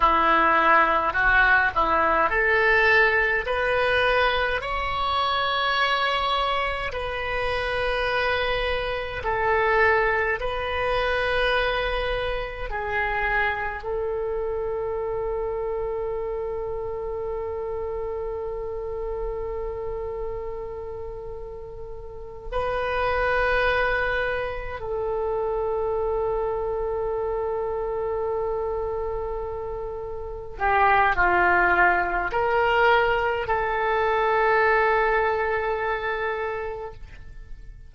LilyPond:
\new Staff \with { instrumentName = "oboe" } { \time 4/4 \tempo 4 = 52 e'4 fis'8 e'8 a'4 b'4 | cis''2 b'2 | a'4 b'2 gis'4 | a'1~ |
a'2.~ a'8 b'8~ | b'4. a'2~ a'8~ | a'2~ a'8 g'8 f'4 | ais'4 a'2. | }